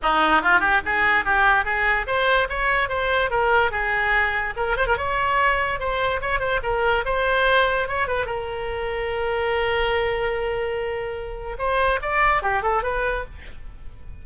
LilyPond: \new Staff \with { instrumentName = "oboe" } { \time 4/4 \tempo 4 = 145 dis'4 f'8 g'8 gis'4 g'4 | gis'4 c''4 cis''4 c''4 | ais'4 gis'2 ais'8 c''16 ais'16 | cis''2 c''4 cis''8 c''8 |
ais'4 c''2 cis''8 b'8 | ais'1~ | ais'1 | c''4 d''4 g'8 a'8 b'4 | }